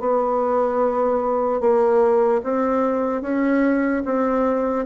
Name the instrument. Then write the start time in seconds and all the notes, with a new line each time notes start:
bassoon
0.00 B3
1.61 A#3
2.44 C4
3.22 C#4
4.05 C4